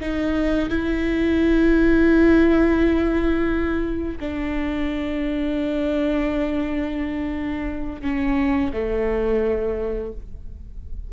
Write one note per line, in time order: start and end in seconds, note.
0.00 0.69 D#4
0.69 4.18 E4
4.20 8.02 D4
8.02 8.71 C#4
8.73 10.13 A3